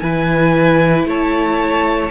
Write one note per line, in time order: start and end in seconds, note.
0.00 1.05 E3
0.00 2.11 E4
0.00 1.08 B4
0.00 1.05 G#5
1.05 2.11 A3
1.05 2.11 C#5
1.05 2.11 A5